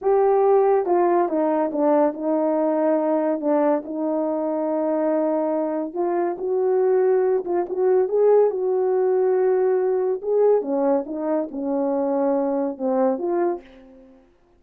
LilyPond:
\new Staff \with { instrumentName = "horn" } { \time 4/4 \tempo 4 = 141 g'2 f'4 dis'4 | d'4 dis'2. | d'4 dis'2.~ | dis'2 f'4 fis'4~ |
fis'4. f'8 fis'4 gis'4 | fis'1 | gis'4 cis'4 dis'4 cis'4~ | cis'2 c'4 f'4 | }